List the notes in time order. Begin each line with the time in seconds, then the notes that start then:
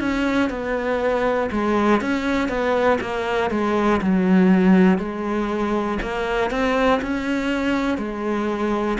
0.00 C#4
0.50 B3
1.52 G#3
2.01 C#4
2.49 B3
3.00 A#3
3.51 G#3
4.02 F#3
4.99 G#3
6.02 A#3
6.51 C4
7.02 C#4
7.98 G#3